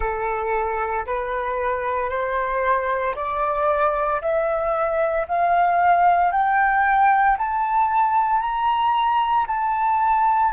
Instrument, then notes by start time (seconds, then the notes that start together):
flute
0.00 A4
1.05 B4
2.09 C5
3.15 D5
4.21 E5
5.27 F5
6.32 G5
7.37 A5
8.40 A#5
9.47 A5